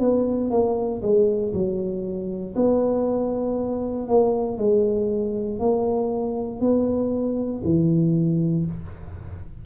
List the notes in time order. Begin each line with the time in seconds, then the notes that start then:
0.00 B3
0.51 A#3
1.02 G#3
1.53 F#3
2.56 B3
4.08 A#3
4.58 G#3
5.60 A#3
6.61 B3
7.64 E3